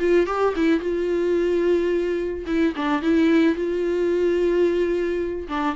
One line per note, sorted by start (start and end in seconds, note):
0.00 0.27 F4
0.27 0.54 G4
0.56 0.80 E4
0.80 2.45 F4
2.46 2.74 E4
2.76 3.02 D4
3.02 3.55 E4
3.55 5.48 F4
5.49 5.76 D4